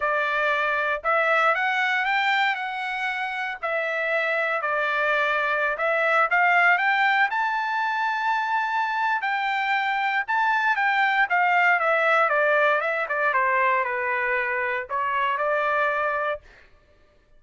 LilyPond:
\new Staff \with { instrumentName = "trumpet" } { \time 4/4 \tempo 4 = 117 d''2 e''4 fis''4 | g''4 fis''2 e''4~ | e''4 d''2~ d''16 e''8.~ | e''16 f''4 g''4 a''4.~ a''16~ |
a''2 g''2 | a''4 g''4 f''4 e''4 | d''4 e''8 d''8 c''4 b'4~ | b'4 cis''4 d''2 | }